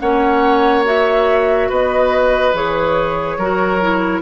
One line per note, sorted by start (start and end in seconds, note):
0.00 1.70 A#3
0.00 0.85 C#4
0.00 1.69 C#5
0.00 0.85 F#5
0.85 2.54 F#4
0.85 1.72 E5
1.69 2.54 B3
1.69 3.38 B4
1.69 2.56 D#5
2.54 3.38 E3
2.54 3.39 G#4
2.54 4.22 C#5
3.38 4.22 F#3
3.38 3.82 F#4
3.38 4.22 A#4
3.82 4.22 E4